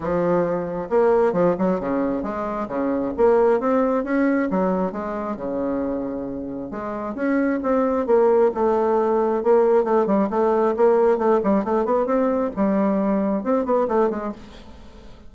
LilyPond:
\new Staff \with { instrumentName = "bassoon" } { \time 4/4 \tempo 4 = 134 f2 ais4 f8 fis8 | cis4 gis4 cis4 ais4 | c'4 cis'4 fis4 gis4 | cis2. gis4 |
cis'4 c'4 ais4 a4~ | a4 ais4 a8 g8 a4 | ais4 a8 g8 a8 b8 c'4 | g2 c'8 b8 a8 gis8 | }